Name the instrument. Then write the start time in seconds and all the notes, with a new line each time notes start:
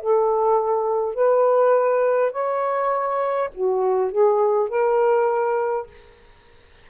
saxophone
0.00 A4
1.14 B4
2.32 C#5
3.55 F#4
4.12 G#4
4.69 A#4